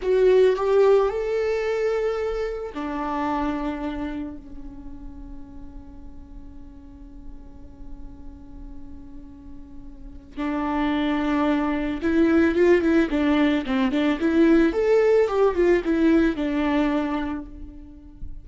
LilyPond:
\new Staff \with { instrumentName = "viola" } { \time 4/4 \tempo 4 = 110 fis'4 g'4 a'2~ | a'4 d'2. | cis'1~ | cis'1~ |
cis'2. d'4~ | d'2 e'4 f'8 e'8 | d'4 c'8 d'8 e'4 a'4 | g'8 f'8 e'4 d'2 | }